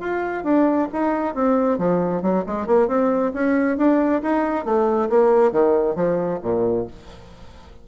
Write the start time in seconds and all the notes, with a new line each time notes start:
0.00 F4
0.44 D4
0.93 D#4
1.35 C4
1.78 F3
2.22 F#3
2.46 G#3
2.67 A#3
2.88 C4
3.34 C#4
3.78 D4
4.22 D#4
4.65 A3
5.10 A#3
5.52 D#3
5.96 F3
6.43 A#2